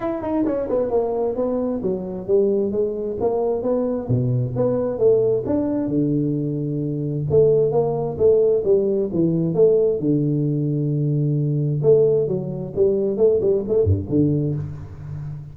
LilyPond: \new Staff \with { instrumentName = "tuba" } { \time 4/4 \tempo 4 = 132 e'8 dis'8 cis'8 b8 ais4 b4 | fis4 g4 gis4 ais4 | b4 b,4 b4 a4 | d'4 d2. |
a4 ais4 a4 g4 | e4 a4 d2~ | d2 a4 fis4 | g4 a8 g8 a8 g,8 d4 | }